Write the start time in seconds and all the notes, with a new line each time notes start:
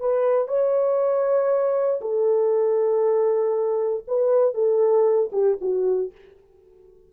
0.00 B4
0.48 C#5
2.01 A4
4.08 B4
4.54 A4
5.33 G4
5.61 F#4